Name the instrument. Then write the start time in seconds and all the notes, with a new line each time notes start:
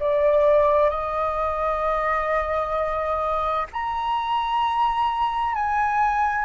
flute
0.00 D5
0.90 D#5
3.73 A#5
5.55 G#5